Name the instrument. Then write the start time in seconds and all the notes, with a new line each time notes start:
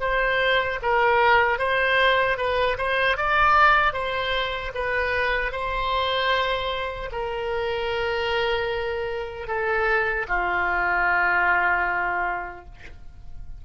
oboe
0.00 C5
0.82 A#4
1.58 C5
2.37 B4
2.77 C5
3.17 D5
3.93 C5
4.74 B4
5.52 C5
7.12 A#4
9.47 A4
10.28 F4